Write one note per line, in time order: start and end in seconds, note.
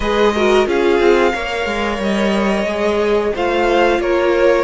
0.00 0.66 G#3
0.00 0.35 G#4
0.00 0.33 B4
0.00 0.67 D#5
0.34 0.66 F#4
0.34 0.67 A#4
0.66 0.99 C#4
0.66 1.32 F4
0.66 1.33 G#4
0.66 2.02 F5
0.99 1.32 C4
1.33 1.65 A#3
1.33 2.67 A#4
1.33 3.33 C#5
1.65 1.98 G#3
1.98 2.65 G3
1.98 3.36 D#5
2.65 3.32 G#3
2.65 3.34 G#4
3.34 3.99 A3
3.34 4.63 F4
3.34 4.00 C5
3.34 4.01 F5
3.99 4.63 A#3
3.99 4.63 A#4
3.99 4.63 C#5